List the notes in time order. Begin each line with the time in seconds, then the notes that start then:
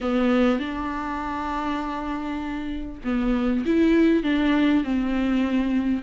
0.00 B3
0.59 D4
3.04 B3
3.65 E4
4.23 D4
4.84 C4